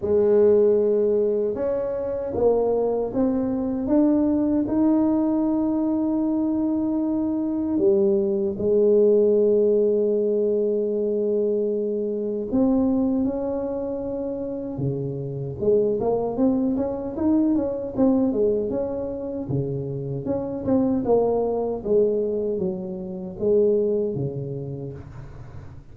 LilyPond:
\new Staff \with { instrumentName = "tuba" } { \time 4/4 \tempo 4 = 77 gis2 cis'4 ais4 | c'4 d'4 dis'2~ | dis'2 g4 gis4~ | gis1 |
c'4 cis'2 cis4 | gis8 ais8 c'8 cis'8 dis'8 cis'8 c'8 gis8 | cis'4 cis4 cis'8 c'8 ais4 | gis4 fis4 gis4 cis4 | }